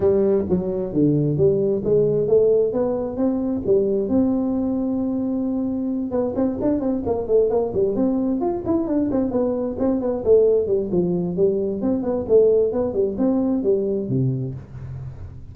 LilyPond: \new Staff \with { instrumentName = "tuba" } { \time 4/4 \tempo 4 = 132 g4 fis4 d4 g4 | gis4 a4 b4 c'4 | g4 c'2.~ | c'4. b8 c'8 d'8 c'8 ais8 |
a8 ais8 g8 c'4 f'8 e'8 d'8 | c'8 b4 c'8 b8 a4 g8 | f4 g4 c'8 b8 a4 | b8 g8 c'4 g4 c4 | }